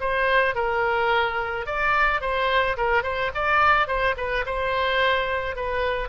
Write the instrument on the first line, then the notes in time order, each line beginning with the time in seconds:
oboe
0.00 C5
0.55 A#4
1.66 D5
2.21 C5
2.77 A#4
3.03 C5
3.35 D5
3.87 C5
4.17 B4
4.46 C5
5.56 B4